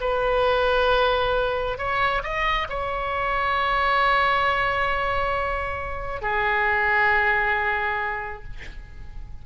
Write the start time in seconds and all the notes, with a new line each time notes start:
0.00 B4
1.78 C#5
2.23 D#5
2.69 C#5
6.21 G#4